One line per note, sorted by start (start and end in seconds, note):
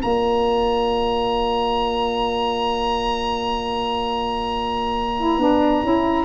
0.00 5.38 A#3
0.00 5.15 F4
0.00 6.26 D5
0.00 6.26 A#5
5.17 5.40 E4
5.38 5.83 B3
5.38 5.84 D4
5.83 6.26 C#4
5.83 6.26 E4